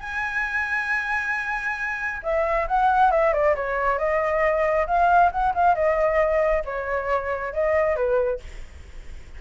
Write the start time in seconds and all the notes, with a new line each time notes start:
0.00 G#5
2.23 E5
2.68 F#5
3.11 E5
3.33 D5
3.56 C#5
3.98 D#5
4.86 F5
5.31 F#5
5.54 F5
5.75 D#5
6.65 C#5
7.53 D#5
7.96 B4